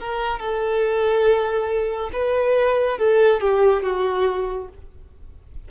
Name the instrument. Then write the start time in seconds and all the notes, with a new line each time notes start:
violin
0.00 A#4
0.39 A4
2.13 B4
2.98 A4
3.41 G4
3.83 F#4